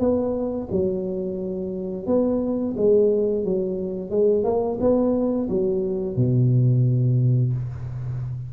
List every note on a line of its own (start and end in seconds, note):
0.00 0.68 B3
0.72 2.07 F#3
2.07 2.75 B3
2.77 3.45 G#3
3.45 4.11 F#3
4.11 4.44 G#3
4.44 4.79 A#3
4.81 5.49 B3
5.50 6.16 F#3
6.16 7.53 B2